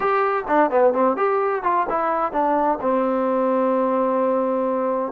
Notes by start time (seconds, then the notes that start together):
0.00 G4
0.47 D4
0.70 B3
0.93 C4
1.16 G4
1.63 F4
1.89 E4
2.32 D4
2.81 C4